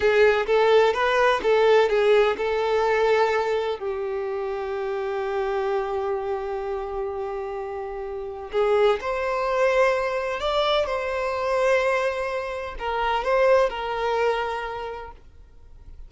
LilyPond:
\new Staff \with { instrumentName = "violin" } { \time 4/4 \tempo 4 = 127 gis'4 a'4 b'4 a'4 | gis'4 a'2. | g'1~ | g'1~ |
g'2 gis'4 c''4~ | c''2 d''4 c''4~ | c''2. ais'4 | c''4 ais'2. | }